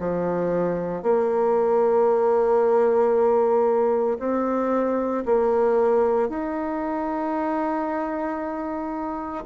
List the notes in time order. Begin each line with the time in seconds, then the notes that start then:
0.00 F3
1.03 A#3
4.20 C4
5.26 A#3
6.30 D#4